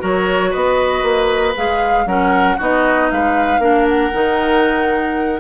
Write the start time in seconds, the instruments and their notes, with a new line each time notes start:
0.00 bassoon F#3, clarinet F#4, oboe A#4, flute C#5
0.51 bassoon B3, oboe B4, flute D#5
1.03 bassoon A#3
1.56 bassoon G#3, clarinet G#4, flute F5
2.06 bassoon F#3, clarinet C#4, oboe A#4, flute F#5
2.57 bassoon B3, clarinet D#4, oboe F#4, flute D#5
3.11 bassoon G#3, oboe B4, flute F5
3.59 bassoon A#3, clarinet D4, oboe A#4
3.88 flute F#5
4.13 bassoon D#3, clarinet D#4